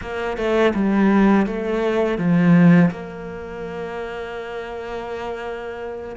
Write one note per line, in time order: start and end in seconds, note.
0.01 0.37 A#3
0.37 0.73 A3
0.74 1.46 G3
1.46 2.18 A3
2.18 2.90 F3
2.90 6.15 A#3